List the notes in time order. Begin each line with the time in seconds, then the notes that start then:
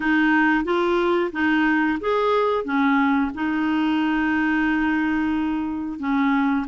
0.00 D#4
0.64 F4
1.32 D#4
2.00 G#4
2.64 C#4
3.34 D#4
5.99 C#4